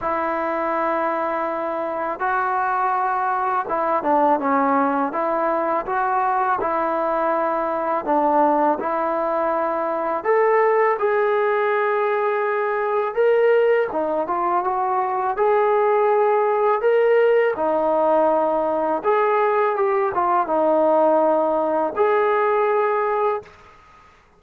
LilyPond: \new Staff \with { instrumentName = "trombone" } { \time 4/4 \tempo 4 = 82 e'2. fis'4~ | fis'4 e'8 d'8 cis'4 e'4 | fis'4 e'2 d'4 | e'2 a'4 gis'4~ |
gis'2 ais'4 dis'8 f'8 | fis'4 gis'2 ais'4 | dis'2 gis'4 g'8 f'8 | dis'2 gis'2 | }